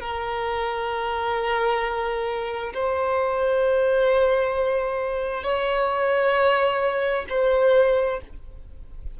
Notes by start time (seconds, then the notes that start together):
0.00 A#4
2.74 C5
5.43 C#5
7.29 C5